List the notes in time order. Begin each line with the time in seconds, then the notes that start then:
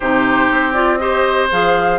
0.00 C3 D#4 G4 C5
0.50 C4
0.73 F4 D5
0.97 G4 C5 D#5
1.50 F3 G#4 F5